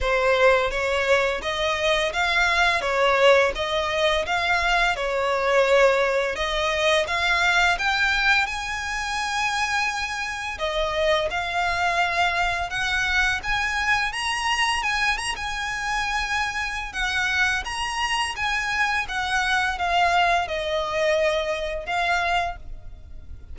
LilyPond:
\new Staff \with { instrumentName = "violin" } { \time 4/4 \tempo 4 = 85 c''4 cis''4 dis''4 f''4 | cis''4 dis''4 f''4 cis''4~ | cis''4 dis''4 f''4 g''4 | gis''2. dis''4 |
f''2 fis''4 gis''4 | ais''4 gis''8 ais''16 gis''2~ gis''16 | fis''4 ais''4 gis''4 fis''4 | f''4 dis''2 f''4 | }